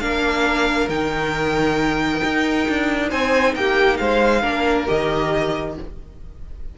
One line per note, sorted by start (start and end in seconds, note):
0.00 0.89 A#3
0.00 0.89 D4
0.00 3.09 A#4
0.00 0.88 F5
0.89 2.21 D#3
0.89 4.42 D#4
0.89 3.09 G5
2.23 2.68 D#4
2.68 3.12 D4
3.09 3.55 C4
3.09 3.53 C5
3.09 3.55 G#5
3.55 3.99 A#3
3.55 4.00 G4
3.55 3.97 G5
3.97 4.43 G#3
3.97 4.42 C5
3.97 4.85 F5
4.42 4.87 A#3
4.42 4.86 D4
4.42 5.74 A#4
4.86 5.78 D#3
4.86 5.75 G4
4.86 5.76 D#5